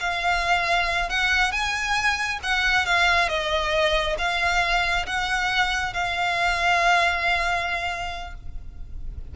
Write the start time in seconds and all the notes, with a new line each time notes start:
0.00 F5
1.09 F#5
1.52 G#5
2.43 F#5
2.86 F5
3.28 D#5
4.18 F5
5.06 F#5
5.93 F5